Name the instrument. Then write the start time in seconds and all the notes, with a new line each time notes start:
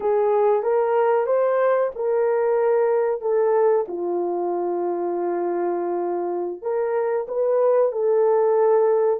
horn
0.00 G#4
0.62 A#4
1.26 C5
1.95 A#4
3.21 A4
3.88 F4
6.62 A#4
7.28 B4
7.91 A4